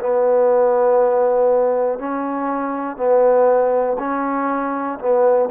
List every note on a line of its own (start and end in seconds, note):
0.00 1.99 B3
1.99 2.96 C#4
2.96 3.96 B3
3.98 4.98 C#4
4.99 5.49 B3